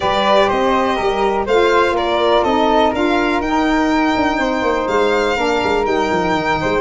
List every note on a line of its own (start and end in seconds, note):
0.00 0.51 G3
0.00 1.46 G4
0.00 0.47 B4
0.00 0.49 D5
0.47 0.99 C4
0.47 0.96 C5
0.47 1.46 D#5
0.96 1.47 G3
0.96 1.44 A#4
1.45 1.91 A3
1.45 2.47 F4
1.45 1.94 C5
1.45 1.96 F5
1.91 2.40 A#3
1.91 2.43 A#4
1.97 2.44 D5
2.43 2.92 C4
2.43 2.94 D#4
2.43 2.90 A4
2.43 2.92 D#5
2.90 3.40 D4
2.90 3.42 F4
2.90 4.36 A#4
2.90 3.41 F5
3.40 4.13 D#4
3.40 5.36 D#4
3.40 4.87 G5
4.15 4.38 D4
4.38 4.61 C4
4.38 5.36 C5
4.61 4.86 A#3
4.87 5.36 G#3
4.87 5.85 F5
5.36 5.60 A#3
5.36 5.83 D4
5.36 6.58 A#4
5.63 5.85 G#3
5.83 6.10 G3
5.83 6.81 D#4
5.83 6.81 G5
6.11 6.34 F3
6.34 6.58 D#3
6.61 6.81 G#3
6.61 6.81 C5